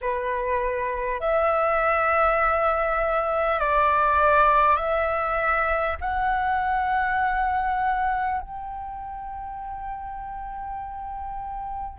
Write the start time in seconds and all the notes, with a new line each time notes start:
0.01 B4
1.20 E5
3.59 D5
4.76 E5
6.00 F#5
8.40 G5